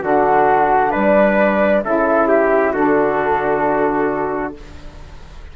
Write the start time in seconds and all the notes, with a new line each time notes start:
0.00 D3 D4 F#4 F#5
0.91 G3 B4 D5
1.83 C#3 E4 A4 E5
2.27 G4
2.72 D3 D4 F#4 A4